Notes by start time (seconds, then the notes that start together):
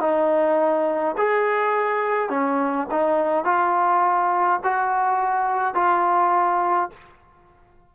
0.00 D#4
1.17 G#4
2.29 C#4
2.91 D#4
3.44 F4
4.64 F#4
5.74 F4